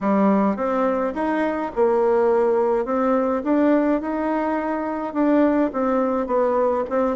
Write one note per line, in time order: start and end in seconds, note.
0.00 0.56 G3
0.56 1.13 C4
1.14 1.71 D#4
1.75 2.85 A#3
2.85 3.42 C4
3.44 4.01 D4
4.01 5.13 D#4
5.13 5.70 D4
5.72 6.26 C4
6.26 6.83 B3
6.89 7.16 C4